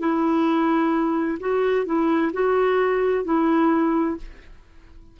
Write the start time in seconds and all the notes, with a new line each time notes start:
0.00 E4
1.40 F#4
1.86 E4
2.33 F#4
3.25 E4